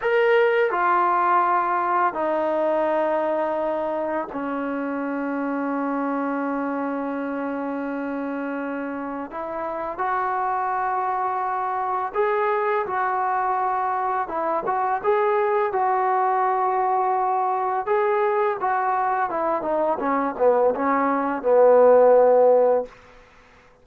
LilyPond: \new Staff \with { instrumentName = "trombone" } { \time 4/4 \tempo 4 = 84 ais'4 f'2 dis'4~ | dis'2 cis'2~ | cis'1~ | cis'4 e'4 fis'2~ |
fis'4 gis'4 fis'2 | e'8 fis'8 gis'4 fis'2~ | fis'4 gis'4 fis'4 e'8 dis'8 | cis'8 b8 cis'4 b2 | }